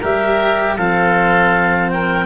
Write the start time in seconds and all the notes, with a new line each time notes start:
0.00 G3 G4 A#4 E5
0.77 F3 C4 A4 F5
1.89 A#4 G5